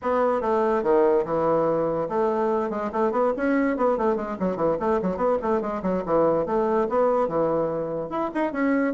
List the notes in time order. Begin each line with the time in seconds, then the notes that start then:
0.02 B3
0.41 A3
0.83 D#3
1.25 E3
2.09 A3
2.70 G#3
2.92 A3
3.11 B3
3.36 C#4
3.76 B3
3.97 A3
4.16 G#3
4.39 F#3
4.56 E3
4.79 A3
5.02 F#3
5.16 B3
5.42 A3
5.61 G#3
5.82 F#3
6.05 E3
6.46 A3
6.89 B3
7.27 E3
8.09 E4
8.34 D#4
8.52 C#4